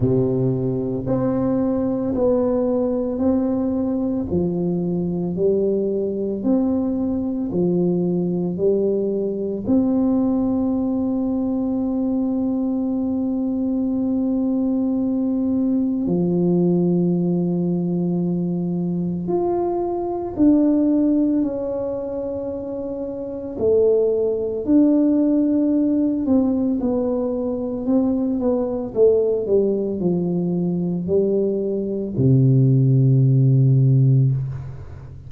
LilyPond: \new Staff \with { instrumentName = "tuba" } { \time 4/4 \tempo 4 = 56 c4 c'4 b4 c'4 | f4 g4 c'4 f4 | g4 c'2.~ | c'2. f4~ |
f2 f'4 d'4 | cis'2 a4 d'4~ | d'8 c'8 b4 c'8 b8 a8 g8 | f4 g4 c2 | }